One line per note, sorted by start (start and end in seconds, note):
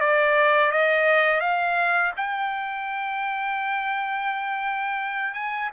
0.00 0.71 D5
0.71 1.40 D#5
1.40 2.12 F5
2.16 5.34 G5
5.34 5.69 G#5